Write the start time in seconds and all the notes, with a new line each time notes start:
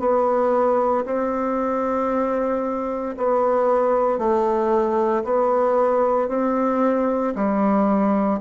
0.00 B3
1.06 C4
3.18 B3
4.19 A3
5.24 B3
6.29 C4
7.35 G3